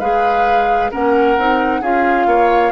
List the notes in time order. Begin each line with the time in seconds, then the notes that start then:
0.00 G#3 G#4 B4 F5
0.91 A#3 C#4 A#4 F#5
1.38 C4 D#4
1.81 C#4 F4 G#4 F5
2.27 A#3 C#5